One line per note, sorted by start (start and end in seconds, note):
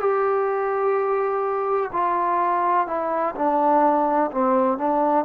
0.00 1.90 G4
1.93 2.87 F4
2.87 3.35 E4
3.35 4.30 D4
4.32 4.78 C4
4.78 5.25 D4